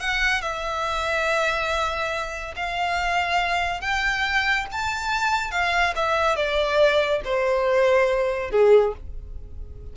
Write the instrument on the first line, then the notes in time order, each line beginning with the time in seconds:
violin
0.00 F#5
0.42 E5
2.56 F5
3.81 G5
4.72 A5
5.51 F5
5.96 E5
6.36 D5
7.24 C5
8.51 G#4